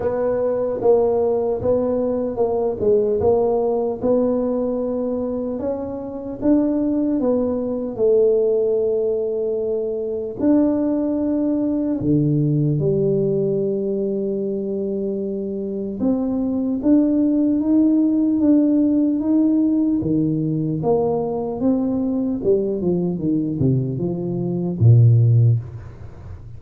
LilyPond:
\new Staff \with { instrumentName = "tuba" } { \time 4/4 \tempo 4 = 75 b4 ais4 b4 ais8 gis8 | ais4 b2 cis'4 | d'4 b4 a2~ | a4 d'2 d4 |
g1 | c'4 d'4 dis'4 d'4 | dis'4 dis4 ais4 c'4 | g8 f8 dis8 c8 f4 ais,4 | }